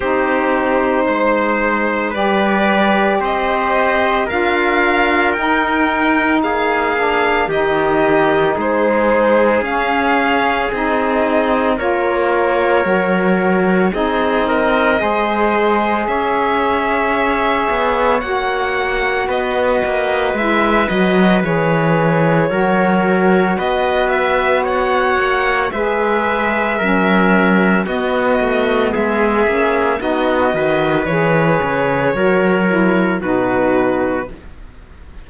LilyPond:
<<
  \new Staff \with { instrumentName = "violin" } { \time 4/4 \tempo 4 = 56 c''2 d''4 dis''4 | f''4 g''4 f''4 dis''4 | c''4 f''4 dis''4 cis''4~ | cis''4 dis''2 e''4~ |
e''4 fis''4 dis''4 e''8 dis''8 | cis''2 dis''8 e''8 fis''4 | e''2 dis''4 e''4 | dis''4 cis''2 b'4 | }
  \new Staff \with { instrumentName = "trumpet" } { \time 4/4 g'4 c''4 b'4 c''4 | ais'2 gis'4 g'4 | gis'2. ais'4~ | ais'4 gis'8 ais'8 c''4 cis''4~ |
cis''2 b'2~ | b'4 ais'4 b'4 cis''4 | b'4 ais'4 fis'4 gis'4 | fis'8 b'4. ais'4 fis'4 | }
  \new Staff \with { instrumentName = "saxophone" } { \time 4/4 dis'2 g'2 | f'4 dis'4. d'8 dis'4~ | dis'4 cis'4 dis'4 f'4 | fis'4 dis'4 gis'2~ |
gis'4 fis'2 e'8 fis'8 | gis'4 fis'2. | gis'4 cis'4 b4. cis'8 | dis'8 fis'8 gis'4 fis'8 e'8 dis'4 | }
  \new Staff \with { instrumentName = "cello" } { \time 4/4 c'4 gis4 g4 c'4 | d'4 dis'4 ais4 dis4 | gis4 cis'4 c'4 ais4 | fis4 c'4 gis4 cis'4~ |
cis'8 b8 ais4 b8 ais8 gis8 fis8 | e4 fis4 b4. ais8 | gis4 fis4 b8 a8 gis8 ais8 | b8 dis8 e8 cis8 fis4 b,4 | }
>>